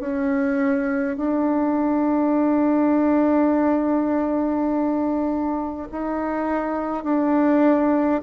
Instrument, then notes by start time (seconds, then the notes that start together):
bassoon
0.00 C#4
1.17 D4
5.92 D#4
7.04 D4